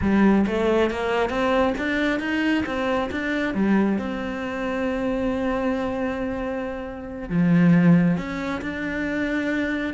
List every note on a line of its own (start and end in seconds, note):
0.01 0.45 G3
0.46 0.90 A3
0.90 1.29 A#3
1.29 1.73 C4
1.78 2.19 D4
2.19 2.64 D#4
2.66 3.10 C4
3.11 3.54 D4
3.54 3.98 G3
3.98 7.29 C4
7.29 8.17 F3
8.17 8.61 C#4
8.61 9.94 D4